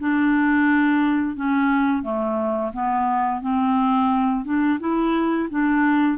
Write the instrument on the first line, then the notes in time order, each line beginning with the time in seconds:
clarinet
0.00 D4
1.36 C#4
2.03 A3
2.73 B3
3.42 C4
4.45 D4
4.80 E4
5.50 D4